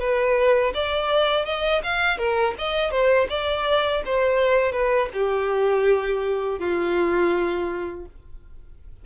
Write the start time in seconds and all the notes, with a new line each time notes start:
0.00 B4
0.75 D5
1.46 D#5
1.84 F5
2.18 A#4
2.58 D#5
2.91 C5
3.30 D5
4.06 C5
4.73 B4
5.14 G4
6.60 F4